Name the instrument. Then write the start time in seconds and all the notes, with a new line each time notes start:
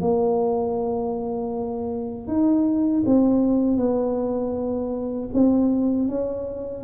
tuba
0.00 A#3
2.27 D#4
3.05 C4
3.77 B3
5.33 C4
6.08 C#4